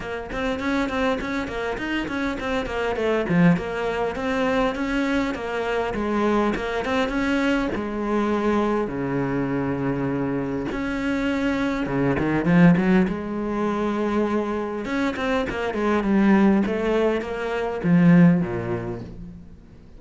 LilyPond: \new Staff \with { instrumentName = "cello" } { \time 4/4 \tempo 4 = 101 ais8 c'8 cis'8 c'8 cis'8 ais8 dis'8 cis'8 | c'8 ais8 a8 f8 ais4 c'4 | cis'4 ais4 gis4 ais8 c'8 | cis'4 gis2 cis4~ |
cis2 cis'2 | cis8 dis8 f8 fis8 gis2~ | gis4 cis'8 c'8 ais8 gis8 g4 | a4 ais4 f4 ais,4 | }